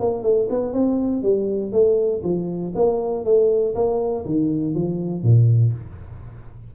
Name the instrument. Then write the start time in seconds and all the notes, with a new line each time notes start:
tuba
0.00 A#3
0.23 A3
0.50 B3
0.73 C4
1.23 G3
1.72 A3
2.24 F3
2.75 A#3
3.25 A3
3.75 A#3
4.26 D#3
4.75 F3
5.23 A#2